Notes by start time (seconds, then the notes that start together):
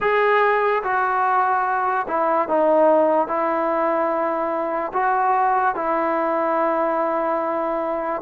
0.00 G#4
0.83 F#4
2.07 E4
2.48 D#4
3.27 E4
4.93 F#4
5.75 E4